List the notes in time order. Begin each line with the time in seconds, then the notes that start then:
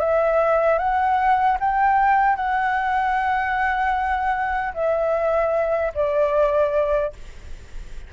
0.00 E5
0.79 F#5
1.61 G5
2.36 F#5
4.74 E5
5.95 D5